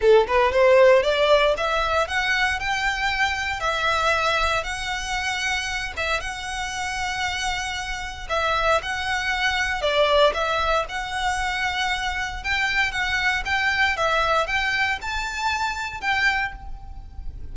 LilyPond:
\new Staff \with { instrumentName = "violin" } { \time 4/4 \tempo 4 = 116 a'8 b'8 c''4 d''4 e''4 | fis''4 g''2 e''4~ | e''4 fis''2~ fis''8 e''8 | fis''1 |
e''4 fis''2 d''4 | e''4 fis''2. | g''4 fis''4 g''4 e''4 | g''4 a''2 g''4 | }